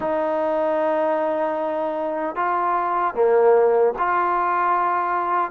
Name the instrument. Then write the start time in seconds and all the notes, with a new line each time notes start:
trombone
0.00 D#4
2.35 F4
3.14 A#3
3.98 F4